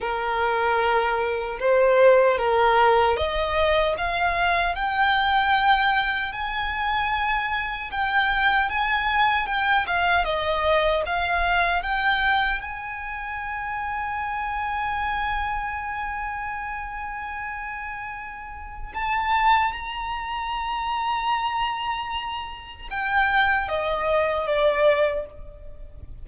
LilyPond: \new Staff \with { instrumentName = "violin" } { \time 4/4 \tempo 4 = 76 ais'2 c''4 ais'4 | dis''4 f''4 g''2 | gis''2 g''4 gis''4 | g''8 f''8 dis''4 f''4 g''4 |
gis''1~ | gis''1 | a''4 ais''2.~ | ais''4 g''4 dis''4 d''4 | }